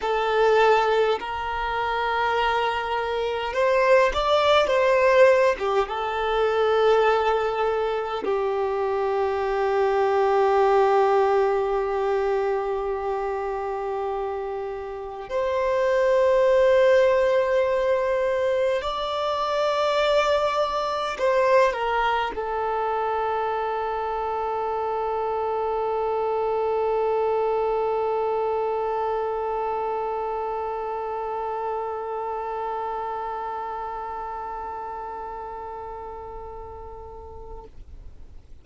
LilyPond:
\new Staff \with { instrumentName = "violin" } { \time 4/4 \tempo 4 = 51 a'4 ais'2 c''8 d''8 | c''8. g'16 a'2 g'4~ | g'1~ | g'4 c''2. |
d''2 c''8 ais'8 a'4~ | a'1~ | a'1~ | a'1 | }